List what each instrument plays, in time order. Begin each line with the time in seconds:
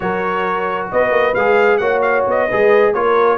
0.00 tuba F#3, trombone F#4, horn A#4, trumpet C#5
0.91 tuba B3, horn B4, trumpet D#5
1.10 tuba A#3
1.34 tuba G#3, trombone G#4, trumpet F5
1.77 tuba A#3, trombone F#4, horn C#5, trumpet F#5
2.01 trumpet F5
2.27 tuba B3, trumpet D#5
2.47 tuba G#3, trombone G#4, horn B4
2.93 tuba A#3, trombone F4, horn A#4, trumpet C#5